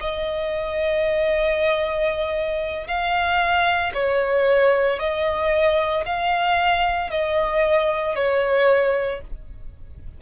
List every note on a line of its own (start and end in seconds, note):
0.00 2.87 D#5
2.87 3.92 F5
3.94 4.99 C#5
4.99 6.04 D#5
6.05 7.10 F5
7.10 8.15 D#5
8.15 9.21 C#5